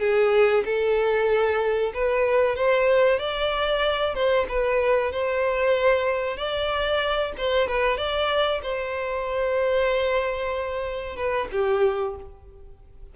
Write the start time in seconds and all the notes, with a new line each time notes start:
0.00 G#4
0.65 A4
1.94 B4
2.56 C5
3.19 D5
4.15 C5
4.49 B4
5.12 C5
6.37 D5
7.38 C5
7.67 B4
7.98 D5
8.63 C5
11.17 B4
11.52 G4